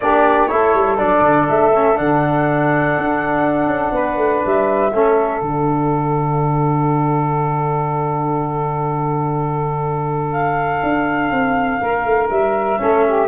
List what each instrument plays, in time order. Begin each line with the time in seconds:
0.00 tuba A#3, trombone D4, saxophone G4, flute D5
0.47 tuba A3, trombone E4, saxophone A4, flute C#5
0.74 tuba G3
0.97 tuba F#3, trombone D4, flute D5
1.20 tuba D3
1.48 tuba A3, flute E5
1.74 trombone C#4
1.95 tuba D3, trombone D4, flute F#5
2.97 tuba D4
3.66 tuba C#4
3.91 tuba B3, saxophone B4
4.16 tuba A3
4.44 tuba G3, flute E5
4.92 tuba A3, trombone C#4, saxophone A4
5.40 tuba D3, trombone D4, flute F#5
10.31 flute F5
10.82 tuba D4
11.31 tuba C4
11.80 tuba A#3, saxophone A#4
12.05 tuba A3
12.29 tuba G3, flute E5
12.78 tuba A3, trombone C#4, saxophone A4
13.06 saxophone G4